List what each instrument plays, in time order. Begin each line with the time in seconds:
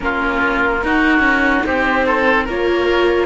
0.00 cello A#3, viola C#4, oboe F4, flute A#4
0.83 cello D#4, viola D#4, oboe F#4
1.19 cello C#4
1.65 cello C4, oboe G4, flute C5
2.05 oboe A4
2.44 cello A#3, viola F4, oboe A#4, flute C#5